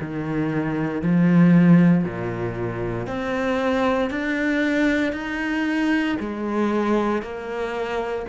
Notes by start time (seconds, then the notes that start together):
0.00 D#3
1.01 F3
2.04 A#2
3.07 C4
4.10 D4
5.12 D#4
6.19 G#3
7.22 A#3